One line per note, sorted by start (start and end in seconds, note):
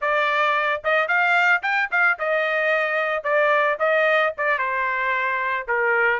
0.01 0.82 D5
0.84 1.07 D#5
1.07 1.61 F5
1.62 1.89 G5
1.91 2.18 F5
2.18 3.23 D#5
3.23 3.77 D5
3.79 4.33 D#5
4.37 4.58 D5
4.58 5.66 C5
5.67 6.20 A#4